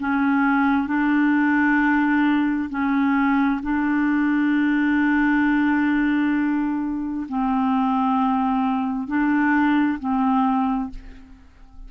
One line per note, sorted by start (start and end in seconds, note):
0.00 0.87 C#4
0.87 2.69 D4
2.69 3.60 C#4
3.63 7.27 D4
7.29 9.08 C4
9.08 9.99 D4
9.99 10.90 C4